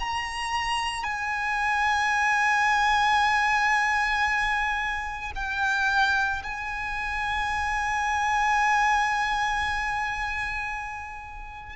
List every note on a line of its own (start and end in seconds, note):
0.00 1.04 A#5
1.04 5.32 G#5
5.35 6.42 G5
6.43 11.76 G#5